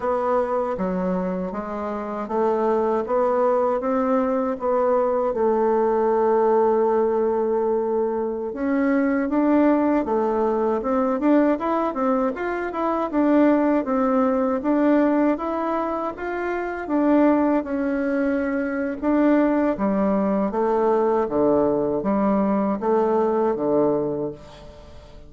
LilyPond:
\new Staff \with { instrumentName = "bassoon" } { \time 4/4 \tempo 4 = 79 b4 fis4 gis4 a4 | b4 c'4 b4 a4~ | a2.~ a16 cis'8.~ | cis'16 d'4 a4 c'8 d'8 e'8 c'16~ |
c'16 f'8 e'8 d'4 c'4 d'8.~ | d'16 e'4 f'4 d'4 cis'8.~ | cis'4 d'4 g4 a4 | d4 g4 a4 d4 | }